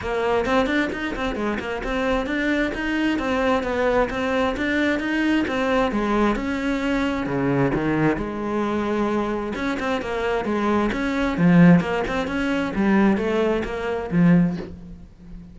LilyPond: \new Staff \with { instrumentName = "cello" } { \time 4/4 \tempo 4 = 132 ais4 c'8 d'8 dis'8 c'8 gis8 ais8 | c'4 d'4 dis'4 c'4 | b4 c'4 d'4 dis'4 | c'4 gis4 cis'2 |
cis4 dis4 gis2~ | gis4 cis'8 c'8 ais4 gis4 | cis'4 f4 ais8 c'8 cis'4 | g4 a4 ais4 f4 | }